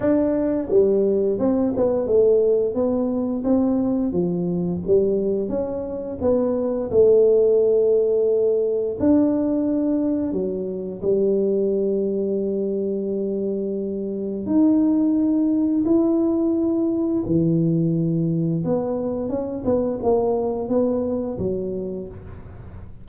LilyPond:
\new Staff \with { instrumentName = "tuba" } { \time 4/4 \tempo 4 = 87 d'4 g4 c'8 b8 a4 | b4 c'4 f4 g4 | cis'4 b4 a2~ | a4 d'2 fis4 |
g1~ | g4 dis'2 e'4~ | e'4 e2 b4 | cis'8 b8 ais4 b4 fis4 | }